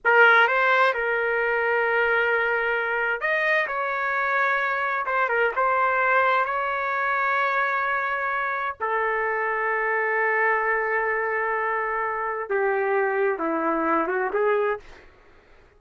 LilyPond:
\new Staff \with { instrumentName = "trumpet" } { \time 4/4 \tempo 4 = 130 ais'4 c''4 ais'2~ | ais'2. dis''4 | cis''2. c''8 ais'8 | c''2 cis''2~ |
cis''2. a'4~ | a'1~ | a'2. g'4~ | g'4 e'4. fis'8 gis'4 | }